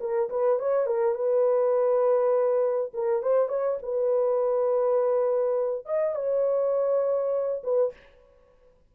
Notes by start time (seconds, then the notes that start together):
0.00 A#4
0.30 B4
0.59 C#5
0.87 A#4
1.15 B4
2.94 A#4
3.22 C5
3.48 C#5
3.83 B4
5.86 D#5
6.15 C#5
7.64 B4